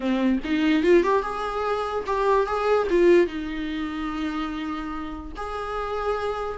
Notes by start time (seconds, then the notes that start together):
0.00 C4
0.44 D#4
0.83 F4
1.03 G4
1.22 G#4
2.06 G4
2.46 G#4
2.90 F4
3.26 D#4
5.36 G#4